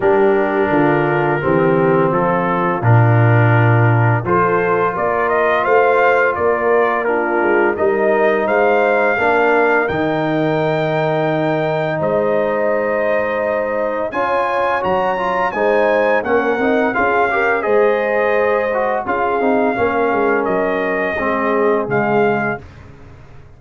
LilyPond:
<<
  \new Staff \with { instrumentName = "trumpet" } { \time 4/4 \tempo 4 = 85 ais'2. a'4 | ais'2 c''4 d''8 dis''8 | f''4 d''4 ais'4 dis''4 | f''2 g''2~ |
g''4 dis''2. | gis''4 ais''4 gis''4 fis''4 | f''4 dis''2 f''4~ | f''4 dis''2 f''4 | }
  \new Staff \with { instrumentName = "horn" } { \time 4/4 g'4 f'4 g'4 f'4~ | f'2 a'4 ais'4 | c''4 ais'4 f'4 ais'4 | c''4 ais'2.~ |
ais'4 c''2. | cis''2 c''4 ais'4 | gis'8 ais'8 c''2 gis'4 | ais'2 gis'2 | }
  \new Staff \with { instrumentName = "trombone" } { \time 4/4 d'2 c'2 | d'2 f'2~ | f'2 d'4 dis'4~ | dis'4 d'4 dis'2~ |
dis'1 | f'4 fis'8 f'8 dis'4 cis'8 dis'8 | f'8 g'8 gis'4. fis'8 f'8 dis'8 | cis'2 c'4 gis4 | }
  \new Staff \with { instrumentName = "tuba" } { \time 4/4 g4 d4 e4 f4 | ais,2 f4 ais4 | a4 ais4. gis8 g4 | gis4 ais4 dis2~ |
dis4 gis2. | cis'4 fis4 gis4 ais8 c'8 | cis'4 gis2 cis'8 c'8 | ais8 gis8 fis4 gis4 cis4 | }
>>